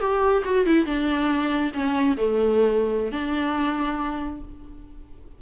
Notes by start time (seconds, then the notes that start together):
0.00 G4
0.44 F#4
0.66 E4
0.86 D4
1.74 C#4
2.17 A3
3.12 D4